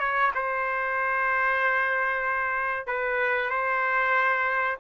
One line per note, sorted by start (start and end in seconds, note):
0.00 0.32 C#5
0.35 2.87 C5
2.87 3.50 B4
3.50 4.78 C5